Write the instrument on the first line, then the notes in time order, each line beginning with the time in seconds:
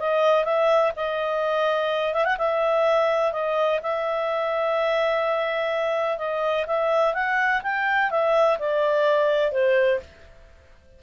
clarinet
0.00 D#5
0.45 E5
0.96 D#5
2.15 E5
2.25 F#5
2.39 E5
3.33 D#5
3.83 E5
6.18 D#5
6.67 E5
7.14 F#5
7.63 G5
8.11 E5
8.59 D5
9.52 C5